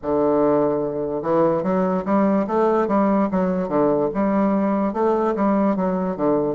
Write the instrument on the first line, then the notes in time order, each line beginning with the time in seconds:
bassoon
0.02 D3
1.22 E3
1.63 F#3
2.05 G3
2.47 A3
2.87 G3
3.31 F#3
3.68 D3
4.14 G3
4.93 A3
5.35 G3
5.75 F#3
6.16 D3